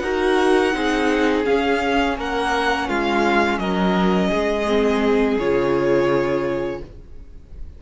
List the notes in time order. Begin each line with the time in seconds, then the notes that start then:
0.00 D#4 F#4 A#4 F#5
0.73 C4 D#4 G#4
1.44 C#4 F5
2.18 A#3 A#4 F#5
2.89 G#3 F4 F5
3.59 F#3 A#4 D#5
4.29 G#3 G#4
4.67 C4
5.38 C#3 F4 C#5